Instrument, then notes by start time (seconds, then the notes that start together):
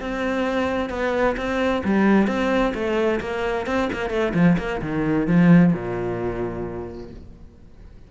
cello
0.00 C4
0.90 B3
1.37 C4
1.84 G3
2.27 C4
2.74 A3
3.20 A#3
3.66 C4
3.93 A#3
4.10 A3
4.34 F3
4.58 A#3
4.82 D#3
5.27 F3
5.73 A#2